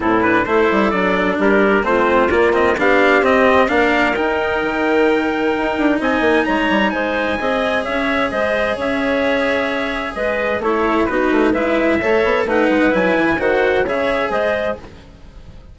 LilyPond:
<<
  \new Staff \with { instrumentName = "trumpet" } { \time 4/4 \tempo 4 = 130 a'8 b'8 c''4 d''4 ais'4 | c''4 d''8 dis''8 f''4 dis''4 | f''4 g''2.~ | g''4 gis''4 ais''4 gis''4~ |
gis''4 e''4 dis''4 e''4~ | e''2 dis''4 cis''4 | b'4 e''2 fis''4 | gis''4 fis''4 e''4 dis''4 | }
  \new Staff \with { instrumentName = "clarinet" } { \time 4/4 e'4 a'2 g'4 | f'2 g'2 | ais'1~ | ais'4 dis''4 cis''4 c''4 |
dis''4 cis''4 c''4 cis''4~ | cis''2 b'4 a'4 | fis'4 b'4 cis''4 b'4~ | b'4 c''4 cis''4 c''4 | }
  \new Staff \with { instrumentName = "cello" } { \time 4/4 c'8 d'8 e'4 d'2 | c'4 ais8 c'8 d'4 c'4 | d'4 dis'2.~ | dis'1 |
gis'1~ | gis'2. e'4 | dis'4 e'4 a'4 dis'4 | e'4 fis'4 gis'2 | }
  \new Staff \with { instrumentName = "bassoon" } { \time 4/4 a,4 a8 g8 fis4 g4 | a4 ais4 b4 c'4 | ais4 dis'4 dis2 | dis'8 d'8 c'8 ais8 gis8 g8 gis4 |
c'4 cis'4 gis4 cis'4~ | cis'2 gis4 a4 | b8 a8 gis4 a8 b8 a8 gis8 | fis8 e8 dis4 cis4 gis4 | }
>>